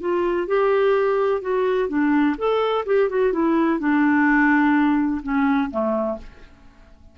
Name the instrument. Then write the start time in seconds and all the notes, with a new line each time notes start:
clarinet
0.00 F4
0.47 G4
1.41 F#4
1.88 D4
2.38 A4
2.86 G4
3.09 F#4
3.32 E4
3.79 D4
5.22 C#4
5.70 A3